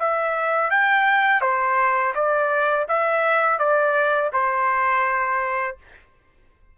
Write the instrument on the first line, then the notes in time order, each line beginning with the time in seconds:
trumpet
0.00 E5
0.71 G5
1.42 C5
2.15 D5
2.88 E5
3.59 D5
4.33 C5